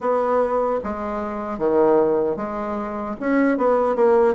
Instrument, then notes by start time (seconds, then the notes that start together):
bassoon
0.00 B3
0.83 G#3
1.58 D#3
2.36 G#3
3.20 C#4
3.57 B3
3.95 A#3